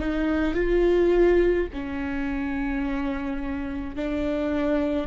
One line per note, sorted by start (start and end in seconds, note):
0.00 0.54 D#4
0.54 1.67 F4
1.73 3.96 C#4
3.96 5.07 D4